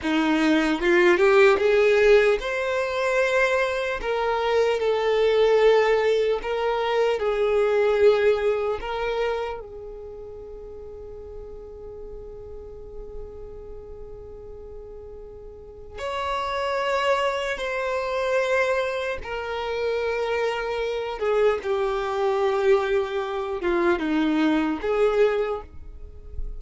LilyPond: \new Staff \with { instrumentName = "violin" } { \time 4/4 \tempo 4 = 75 dis'4 f'8 g'8 gis'4 c''4~ | c''4 ais'4 a'2 | ais'4 gis'2 ais'4 | gis'1~ |
gis'1 | cis''2 c''2 | ais'2~ ais'8 gis'8 g'4~ | g'4. f'8 dis'4 gis'4 | }